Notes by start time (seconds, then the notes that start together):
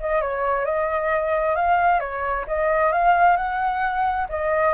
0.00 D#5
0.21 C#5
0.65 D#5
1.55 F5
2.00 C#5
2.48 D#5
2.92 F5
3.37 F#5
4.29 D#5